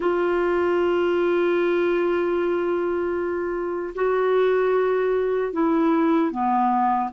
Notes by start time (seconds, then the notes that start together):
0.00 F4
3.95 F#4
5.52 E4
6.31 B3